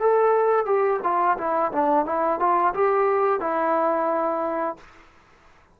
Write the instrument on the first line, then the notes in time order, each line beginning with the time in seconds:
trombone
0.00 A4
0.66 G4
1.03 F4
1.38 E4
1.72 D4
2.05 E4
2.40 F4
2.74 G4
3.40 E4